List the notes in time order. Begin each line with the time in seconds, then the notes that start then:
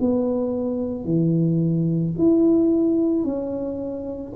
0.00 B3
1.05 E3
2.18 E4
3.24 C#4